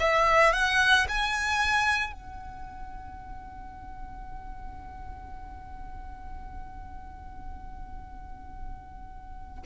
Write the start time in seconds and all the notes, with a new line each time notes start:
0.00 E5
0.53 F#5
1.09 G#5
2.13 F#5